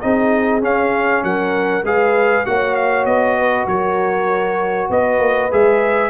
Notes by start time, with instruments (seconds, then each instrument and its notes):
0.00 tuba C4, trombone D#4, horn G#4, trumpet D#5
0.61 trombone C#4, tuba C#4, trumpet F5
1.23 tuba F#3, horn A#4, trumpet F#5
1.84 tuba G#3, trombone G#4, horn B4, trumpet F5
2.46 tuba A#3, trombone F#4, horn C#5, trumpet F#5
2.75 trumpet F5
3.05 tuba B3, trumpet D#5
3.39 horn B4
3.67 tuba F#3, horn A#4, trumpet C#5
4.90 tuba B3, horn B4, trumpet D#5
5.19 tuba A#3
5.51 tuba G#3, trombone G#4, trumpet E5